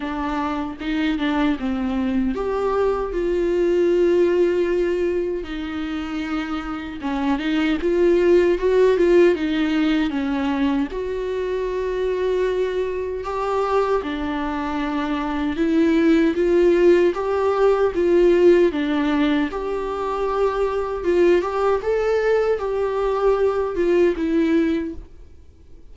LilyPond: \new Staff \with { instrumentName = "viola" } { \time 4/4 \tempo 4 = 77 d'4 dis'8 d'8 c'4 g'4 | f'2. dis'4~ | dis'4 cis'8 dis'8 f'4 fis'8 f'8 | dis'4 cis'4 fis'2~ |
fis'4 g'4 d'2 | e'4 f'4 g'4 f'4 | d'4 g'2 f'8 g'8 | a'4 g'4. f'8 e'4 | }